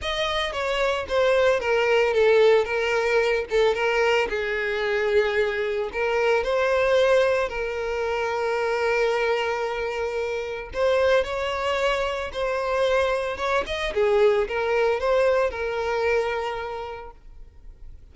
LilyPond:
\new Staff \with { instrumentName = "violin" } { \time 4/4 \tempo 4 = 112 dis''4 cis''4 c''4 ais'4 | a'4 ais'4. a'8 ais'4 | gis'2. ais'4 | c''2 ais'2~ |
ais'1 | c''4 cis''2 c''4~ | c''4 cis''8 dis''8 gis'4 ais'4 | c''4 ais'2. | }